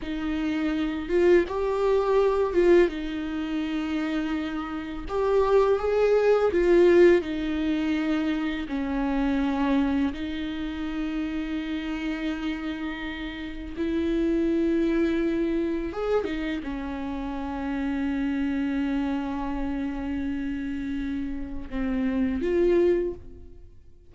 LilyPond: \new Staff \with { instrumentName = "viola" } { \time 4/4 \tempo 4 = 83 dis'4. f'8 g'4. f'8 | dis'2. g'4 | gis'4 f'4 dis'2 | cis'2 dis'2~ |
dis'2. e'4~ | e'2 gis'8 dis'8 cis'4~ | cis'1~ | cis'2 c'4 f'4 | }